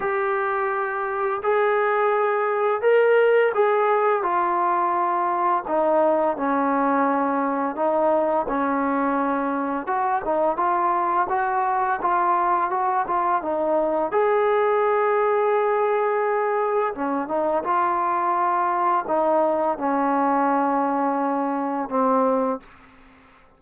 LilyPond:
\new Staff \with { instrumentName = "trombone" } { \time 4/4 \tempo 4 = 85 g'2 gis'2 | ais'4 gis'4 f'2 | dis'4 cis'2 dis'4 | cis'2 fis'8 dis'8 f'4 |
fis'4 f'4 fis'8 f'8 dis'4 | gis'1 | cis'8 dis'8 f'2 dis'4 | cis'2. c'4 | }